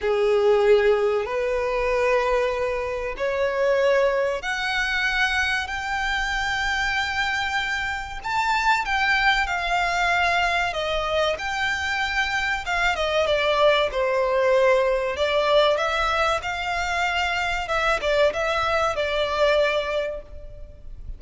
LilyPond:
\new Staff \with { instrumentName = "violin" } { \time 4/4 \tempo 4 = 95 gis'2 b'2~ | b'4 cis''2 fis''4~ | fis''4 g''2.~ | g''4 a''4 g''4 f''4~ |
f''4 dis''4 g''2 | f''8 dis''8 d''4 c''2 | d''4 e''4 f''2 | e''8 d''8 e''4 d''2 | }